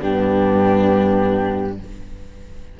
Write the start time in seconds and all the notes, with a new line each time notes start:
0.00 G2 B3 D4 G4